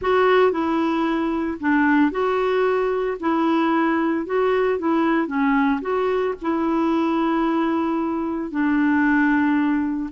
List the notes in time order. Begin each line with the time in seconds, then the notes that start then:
0.01 F#4
0.51 E4
1.60 D4
2.11 F#4
3.20 E4
4.26 F#4
4.79 E4
5.27 C#4
5.81 F#4
6.41 E4
8.50 D4